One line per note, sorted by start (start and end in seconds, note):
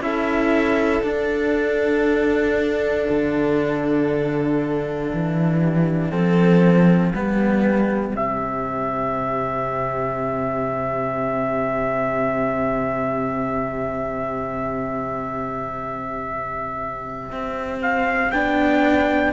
0.00 1.02 C#4
0.00 1.03 E4
0.00 5.59 A4
0.00 1.01 E5
1.01 3.07 D4
1.01 6.11 D4
1.01 8.13 F5
3.09 5.12 D3
5.13 6.12 E3
5.59 6.10 G4
6.10 7.13 F3
6.10 7.13 C4
6.10 7.11 A4
7.11 8.15 G3
7.11 8.14 B3
7.11 19.31 G4
8.14 17.31 C3
8.14 18.31 C4
8.14 17.82 E5
17.32 18.32 C4
17.82 18.31 F5
18.31 19.33 B3
18.31 19.33 D4
18.31 19.33 G5